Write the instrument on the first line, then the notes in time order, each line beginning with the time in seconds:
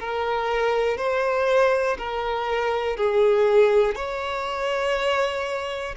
violin
0.00 A#4
0.98 C5
1.99 A#4
2.97 G#4
3.96 C#5